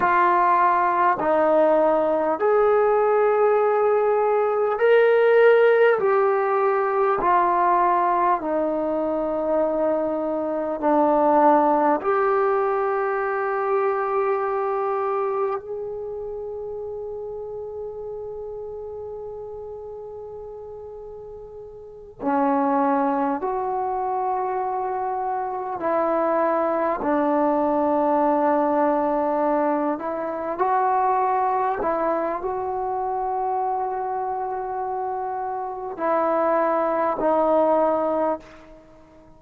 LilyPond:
\new Staff \with { instrumentName = "trombone" } { \time 4/4 \tempo 4 = 50 f'4 dis'4 gis'2 | ais'4 g'4 f'4 dis'4~ | dis'4 d'4 g'2~ | g'4 gis'2.~ |
gis'2~ gis'8 cis'4 fis'8~ | fis'4. e'4 d'4.~ | d'4 e'8 fis'4 e'8 fis'4~ | fis'2 e'4 dis'4 | }